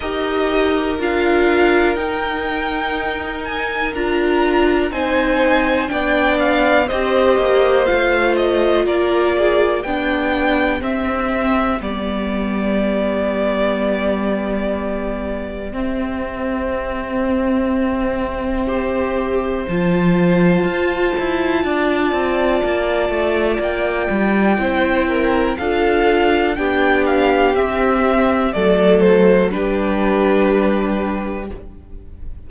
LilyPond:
<<
  \new Staff \with { instrumentName = "violin" } { \time 4/4 \tempo 4 = 61 dis''4 f''4 g''4. gis''8 | ais''4 gis''4 g''8 f''8 dis''4 | f''8 dis''8 d''4 g''4 e''4 | d''1 |
e''1 | a''1 | g''2 f''4 g''8 f''8 | e''4 d''8 c''8 b'2 | }
  \new Staff \with { instrumentName = "violin" } { \time 4/4 ais'1~ | ais'4 c''4 d''4 c''4~ | c''4 ais'8 gis'8 g'2~ | g'1~ |
g'2. c''4~ | c''2 d''2~ | d''4 c''8 ais'8 a'4 g'4~ | g'4 a'4 g'2 | }
  \new Staff \with { instrumentName = "viola" } { \time 4/4 g'4 f'4 dis'2 | f'4 dis'4 d'4 g'4 | f'2 d'4 c'4 | b1 |
c'2. g'4 | f'1~ | f'4 e'4 f'4 d'4 | c'4 a4 d'2 | }
  \new Staff \with { instrumentName = "cello" } { \time 4/4 dis'4 d'4 dis'2 | d'4 c'4 b4 c'8 ais8 | a4 ais4 b4 c'4 | g1 |
c'1 | f4 f'8 e'8 d'8 c'8 ais8 a8 | ais8 g8 c'4 d'4 b4 | c'4 fis4 g2 | }
>>